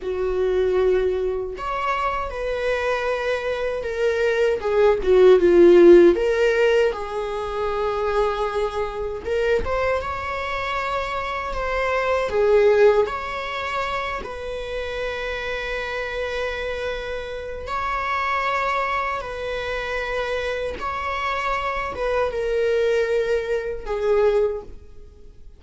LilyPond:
\new Staff \with { instrumentName = "viola" } { \time 4/4 \tempo 4 = 78 fis'2 cis''4 b'4~ | b'4 ais'4 gis'8 fis'8 f'4 | ais'4 gis'2. | ais'8 c''8 cis''2 c''4 |
gis'4 cis''4. b'4.~ | b'2. cis''4~ | cis''4 b'2 cis''4~ | cis''8 b'8 ais'2 gis'4 | }